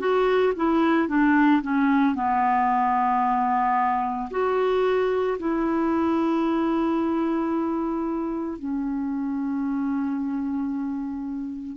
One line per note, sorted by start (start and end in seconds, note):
0.00 0.54 F#4
0.56 1.09 E4
1.09 1.62 D4
1.62 2.16 C#4
2.16 4.30 B3
4.31 5.38 F#4
5.40 8.59 E4
8.59 11.77 C#4